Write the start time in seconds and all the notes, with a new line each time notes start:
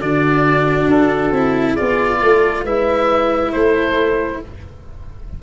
0.00 D3 D4 F#4 D5
0.87 D4 A4
1.32 C4 E4
1.73 F4 G#4 D5
1.81 B3
2.22 A3 A4
2.65 G#3 E4 B4 E5
3.53 A3 A4 C5